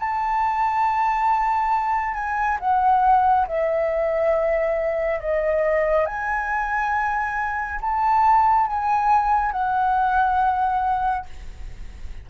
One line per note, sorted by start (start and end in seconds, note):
0.00 2.15 A5
2.15 2.58 G#5
2.60 3.47 F#5
3.48 5.21 E5
5.21 6.06 D#5
6.06 7.80 G#5
7.81 8.67 A5
8.67 9.52 G#5
9.52 11.26 F#5